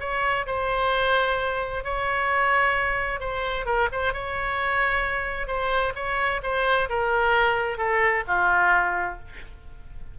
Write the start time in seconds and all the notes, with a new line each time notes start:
0.00 C#5
0.47 C5
1.84 C#5
3.20 C5
3.66 A#4
3.92 C5
4.13 C#5
5.47 C5
5.95 C#5
6.43 C5
6.89 A#4
7.78 A4
8.27 F4